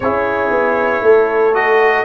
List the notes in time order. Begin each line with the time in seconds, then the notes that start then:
0.00 C#4 E4 G#4 C#5
0.50 B3
1.01 A3 A4
1.53 F#4 D#5